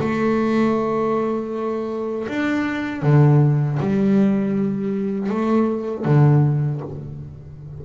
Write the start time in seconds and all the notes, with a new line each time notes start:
0.00 A3
2.28 D4
3.02 D3
3.80 G3
5.29 A3
6.05 D3